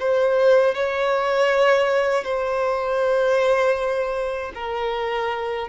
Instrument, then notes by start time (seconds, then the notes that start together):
violin
0.00 C5
0.75 C#5
2.24 C5
4.55 A#4